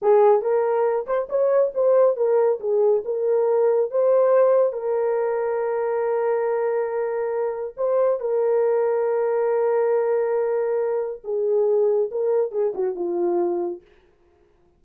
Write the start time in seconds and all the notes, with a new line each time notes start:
0.02 G#4
0.41 A#4
1.06 C5
1.29 C#5
1.74 C5
2.16 A#4
2.60 G#4
3.05 A#4
3.90 C5
4.72 A#4
7.77 C5
8.19 A#4
11.23 G#4
12.11 A#4
12.51 G#4
12.74 F#4
12.95 F4